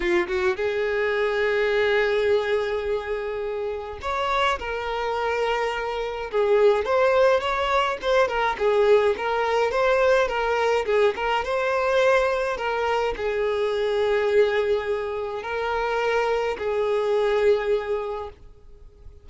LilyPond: \new Staff \with { instrumentName = "violin" } { \time 4/4 \tempo 4 = 105 f'8 fis'8 gis'2.~ | gis'2. cis''4 | ais'2. gis'4 | c''4 cis''4 c''8 ais'8 gis'4 |
ais'4 c''4 ais'4 gis'8 ais'8 | c''2 ais'4 gis'4~ | gis'2. ais'4~ | ais'4 gis'2. | }